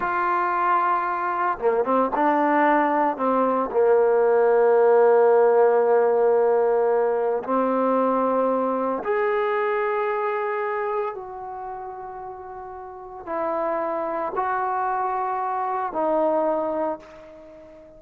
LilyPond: \new Staff \with { instrumentName = "trombone" } { \time 4/4 \tempo 4 = 113 f'2. ais8 c'8 | d'2 c'4 ais4~ | ais1~ | ais2 c'2~ |
c'4 gis'2.~ | gis'4 fis'2.~ | fis'4 e'2 fis'4~ | fis'2 dis'2 | }